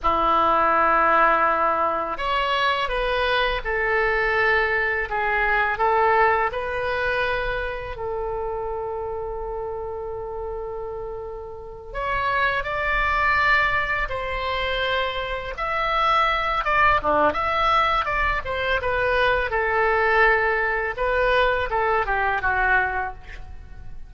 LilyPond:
\new Staff \with { instrumentName = "oboe" } { \time 4/4 \tempo 4 = 83 e'2. cis''4 | b'4 a'2 gis'4 | a'4 b'2 a'4~ | a'1~ |
a'8 cis''4 d''2 c''8~ | c''4. e''4. d''8 d'8 | e''4 d''8 c''8 b'4 a'4~ | a'4 b'4 a'8 g'8 fis'4 | }